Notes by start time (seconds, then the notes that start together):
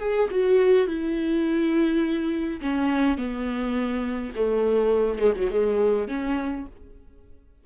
0.00 G#4
0.31 F#4
0.88 E4
2.61 C#4
3.18 B3
4.36 A3
5.19 G#3
5.36 F#3
5.51 G#3
6.08 C#4